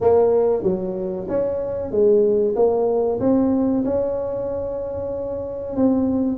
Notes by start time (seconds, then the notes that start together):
0.01 A#3
0.62 F#3
1.28 C#4
1.91 G#3
2.55 A#3
3.20 C4
3.85 C#4
5.76 C4